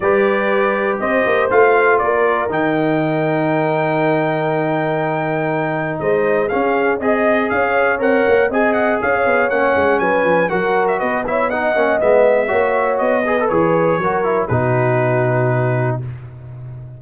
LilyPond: <<
  \new Staff \with { instrumentName = "trumpet" } { \time 4/4 \tempo 4 = 120 d''2 dis''4 f''4 | d''4 g''2.~ | g''1 | dis''4 f''4 dis''4 f''4 |
fis''4 gis''8 fis''8 f''4 fis''4 | gis''4 fis''8. e''16 dis''8 e''8 fis''4 | e''2 dis''4 cis''4~ | cis''4 b'2. | }
  \new Staff \with { instrumentName = "horn" } { \time 4/4 b'2 c''2 | ais'1~ | ais'1 | c''4 gis'4 dis''4 cis''4~ |
cis''4 dis''4 cis''2 | b'4 ais'4 b'8 cis''8 dis''4~ | dis''4 cis''4. b'4. | ais'4 fis'2. | }
  \new Staff \with { instrumentName = "trombone" } { \time 4/4 g'2. f'4~ | f'4 dis'2.~ | dis'1~ | dis'4 cis'4 gis'2 |
ais'4 gis'2 cis'4~ | cis'4 fis'4. e'8 dis'8 cis'8 | b4 fis'4. gis'16 a'16 gis'4 | fis'8 e'8 dis'2. | }
  \new Staff \with { instrumentName = "tuba" } { \time 4/4 g2 c'8 ais8 a4 | ais4 dis2.~ | dis1 | gis4 cis'4 c'4 cis'4 |
c'8 ais8 c'4 cis'8 b8 ais8 gis8 | fis8 f8 fis4 b4. ais8 | gis4 ais4 b4 e4 | fis4 b,2. | }
>>